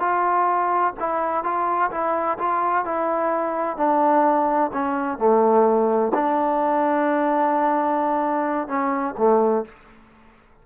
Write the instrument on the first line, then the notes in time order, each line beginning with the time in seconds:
trombone
0.00 F4
1.00 E4
1.44 F4
1.91 E4
2.38 F4
2.85 E4
3.78 D4
4.73 C#4
5.19 A3
6.14 D4
8.68 C#4
9.18 A3